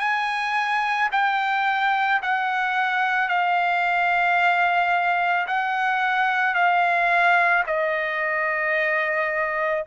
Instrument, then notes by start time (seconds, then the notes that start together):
trumpet
0.00 G#5
1.12 G5
2.22 F#5
3.28 F5
5.47 F#5
6.55 F5
7.67 D#5